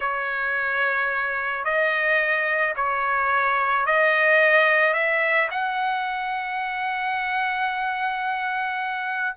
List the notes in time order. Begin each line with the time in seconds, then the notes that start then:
0.00 C#5
1.64 D#5
2.75 C#5
3.86 D#5
4.93 E5
5.50 F#5